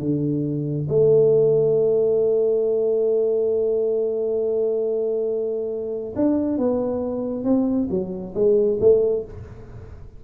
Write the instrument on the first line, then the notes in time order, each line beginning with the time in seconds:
tuba
0.00 D3
0.89 A3
6.16 D4
6.58 B3
7.44 C4
7.90 F#3
8.35 G#3
8.80 A3